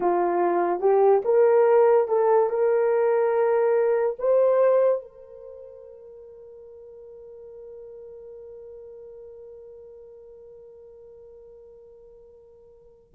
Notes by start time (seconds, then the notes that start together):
0.00 F4
0.80 G4
1.24 A#4
2.08 A4
2.49 A#4
4.19 C5
5.01 A#4